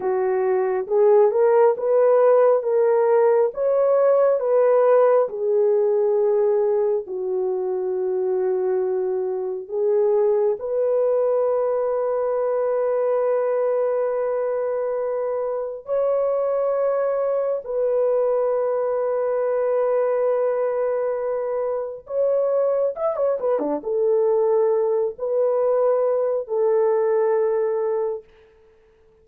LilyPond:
\new Staff \with { instrumentName = "horn" } { \time 4/4 \tempo 4 = 68 fis'4 gis'8 ais'8 b'4 ais'4 | cis''4 b'4 gis'2 | fis'2. gis'4 | b'1~ |
b'2 cis''2 | b'1~ | b'4 cis''4 e''16 cis''16 b'16 d'16 a'4~ | a'8 b'4. a'2 | }